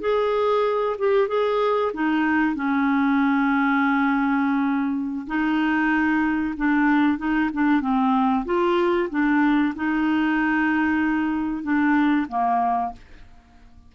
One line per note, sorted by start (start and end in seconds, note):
0.00 0.96 G#4
0.98 1.28 G4
1.28 1.91 G#4
1.93 2.55 D#4
2.55 5.26 C#4
5.27 6.54 D#4
6.57 7.18 D4
7.18 7.49 D#4
7.53 7.80 D4
7.80 8.44 C4
8.45 9.09 F4
9.10 9.73 D4
9.75 11.63 D#4
11.63 12.26 D4
12.28 12.92 A#3